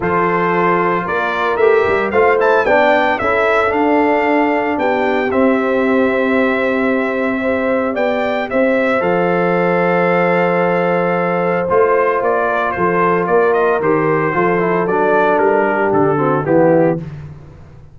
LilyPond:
<<
  \new Staff \with { instrumentName = "trumpet" } { \time 4/4 \tempo 4 = 113 c''2 d''4 e''4 | f''8 a''8 g''4 e''4 f''4~ | f''4 g''4 e''2~ | e''2. g''4 |
e''4 f''2.~ | f''2 c''4 d''4 | c''4 d''8 dis''8 c''2 | d''4 ais'4 a'4 g'4 | }
  \new Staff \with { instrumentName = "horn" } { \time 4/4 a'2 ais'2 | c''4 d''4 a'2~ | a'4 g'2.~ | g'2 c''4 d''4 |
c''1~ | c''2.~ c''8 ais'8 | a'4 ais'2 a'4~ | a'4. g'4 fis'8 e'4 | }
  \new Staff \with { instrumentName = "trombone" } { \time 4/4 f'2. g'4 | f'8 e'8 d'4 e'4 d'4~ | d'2 c'2~ | c'2 g'2~ |
g'4 a'2.~ | a'2 f'2~ | f'2 g'4 f'8 e'8 | d'2~ d'8 c'8 b4 | }
  \new Staff \with { instrumentName = "tuba" } { \time 4/4 f2 ais4 a8 g8 | a4 b4 cis'4 d'4~ | d'4 b4 c'2~ | c'2. b4 |
c'4 f2.~ | f2 a4 ais4 | f4 ais4 dis4 f4 | fis4 g4 d4 e4 | }
>>